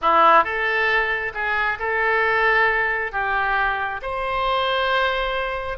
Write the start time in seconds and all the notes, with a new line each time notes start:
0.01 E4
0.43 A4
1.33 G#4
1.79 A4
3.12 G4
4.01 C5